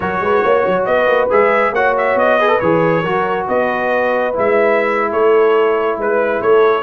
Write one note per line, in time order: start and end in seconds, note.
0.00 0.20 F#3
0.00 1.29 F#4
0.00 0.22 A#4
0.00 0.84 C#5
0.20 0.42 G#3
0.20 0.43 B4
0.43 0.65 A#3
0.43 0.86 C#5
0.66 0.87 F#3
0.85 1.06 B3
0.85 1.72 B4
0.85 1.28 D#5
1.06 1.28 A#3
1.29 1.71 G#3
1.29 1.73 G#4
1.29 1.74 E5
1.71 2.14 A#3
1.71 2.39 F#4
1.71 2.37 C#5
1.71 1.96 F#5
1.97 2.18 E5
2.14 2.58 B3
2.14 2.60 D#5
2.37 2.48 G#4
2.37 3.02 B4
2.48 2.58 A4
2.60 3.03 E3
2.60 3.04 G#4
2.60 3.46 C#5
3.02 3.47 F#3
3.02 4.33 F#4
3.02 3.45 A#4
3.46 4.35 B3
3.46 5.09 B4
3.46 4.35 D#5
4.33 5.11 G#3
4.33 6.82 E4
4.33 5.12 E5
5.10 5.97 A3
5.10 5.97 A4
5.10 5.99 C#5
5.97 6.40 G#3
5.97 6.42 B4
5.97 6.41 B4
6.41 6.82 A3
6.41 6.82 A4
6.41 6.82 C#5